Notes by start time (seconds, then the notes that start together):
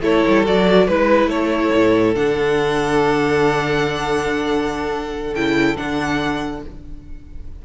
0.00 A3 E4 A4 C#5
0.27 G3
0.44 F#3 F#4 D5
0.87 G#3 E4 B4
1.27 A3 A4 C#5
1.73 A2
2.15 D3 D4 F#5
5.33 C#3 E4 G5
5.76 D3 D4 F#5